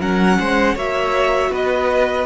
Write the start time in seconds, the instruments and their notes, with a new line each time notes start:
0.00 cello F#3, viola C#4, violin A#4 F#5
0.39 cello G#3, violin C5
0.75 cello A#3, viola F#4, violin C#5 E5
1.50 cello B3, violin B4 D#5